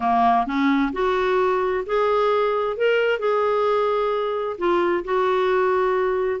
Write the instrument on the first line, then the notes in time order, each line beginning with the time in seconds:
clarinet
0.00 A#3
0.46 C#4
0.92 F#4
1.85 G#4
2.76 A#4
3.19 G#4
4.58 F4
5.04 F#4